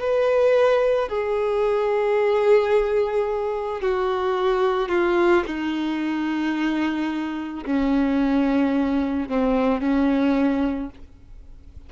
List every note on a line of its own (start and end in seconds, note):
0.00 1.08 B4
1.08 3.81 G#4
3.81 4.88 F#4
4.88 5.43 F4
5.46 7.64 D#4
7.65 9.28 C#4
9.28 9.80 C4
9.80 10.89 C#4